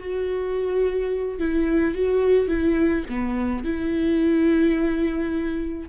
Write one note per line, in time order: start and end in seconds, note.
0.00 1.39 F#4
1.39 1.95 E4
1.95 2.48 F#4
2.48 3.04 E4
3.10 3.65 B3
3.65 5.89 E4